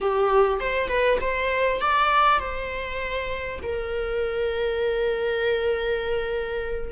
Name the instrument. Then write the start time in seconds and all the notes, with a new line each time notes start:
viola
0.01 G4
0.60 C5
0.88 B4
1.20 C5
1.81 D5
2.39 C5
3.62 A#4